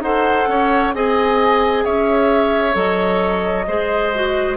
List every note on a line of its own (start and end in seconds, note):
0.00 0.45 D#4
0.00 0.94 A4
0.00 0.49 C5
0.00 0.93 F#5
0.48 0.93 C#4
0.48 0.95 C#5
0.94 1.85 C4
0.94 2.73 G#4
0.94 1.84 D#5
0.94 1.84 G#5
1.84 2.75 C#4
1.84 3.66 C#5
1.84 2.75 E5
2.73 3.66 F#3
2.73 3.64 A4
2.73 4.57 D#5
3.67 4.57 G#3
3.67 4.13 G#4
3.67 4.57 C5
4.15 4.57 F#4